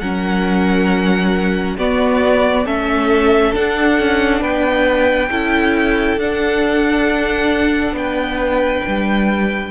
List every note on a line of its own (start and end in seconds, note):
0.00 1.78 F#3
0.00 1.79 C#4
0.00 1.77 A#4
0.00 1.76 F#5
1.77 2.66 B3
1.77 2.65 F#4
1.77 2.67 D5
2.65 3.54 A3
2.65 3.54 C#4
2.65 4.41 A4
2.65 3.55 E5
3.54 5.31 D4
3.54 3.99 D4
3.54 4.43 F#5
3.99 4.41 C#4
4.41 5.30 B3
4.41 5.30 B4
4.41 6.19 G5
5.31 6.17 C#4
5.31 6.19 E4
5.31 7.96 A4
6.17 7.92 D4
6.17 9.71 D4
6.17 7.96 F#5
7.92 8.81 B3
7.92 9.71 B4
7.92 9.71 G5
8.87 9.71 G3